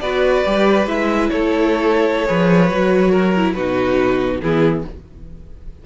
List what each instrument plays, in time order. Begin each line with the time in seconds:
0.00 cello B3, viola F#4, violin B4 D5
0.45 cello G3, viola G4
0.87 cello G#3, viola E4, violin E5
1.29 cello A3, violin A4 C#5
2.26 cello F3, viola G#4, violin B4
2.70 cello F#3, viola F#4
3.11 violin A#4
3.36 viola E4
3.53 cello B2, viola D#4, violin F#4 B4
4.41 cello E3, viola B3, violin E4 G#4